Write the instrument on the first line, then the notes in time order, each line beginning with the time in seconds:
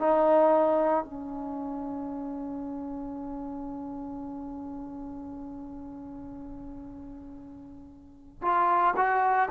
trombone
0.00 D#4
1.05 C#4
8.42 F4
8.97 F#4